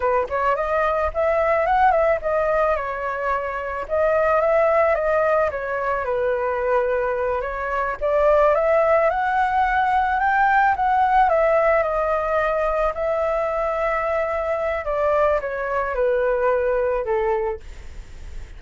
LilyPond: \new Staff \with { instrumentName = "flute" } { \time 4/4 \tempo 4 = 109 b'8 cis''8 dis''4 e''4 fis''8 e''8 | dis''4 cis''2 dis''4 | e''4 dis''4 cis''4 b'4~ | b'4. cis''4 d''4 e''8~ |
e''8 fis''2 g''4 fis''8~ | fis''8 e''4 dis''2 e''8~ | e''2. d''4 | cis''4 b'2 a'4 | }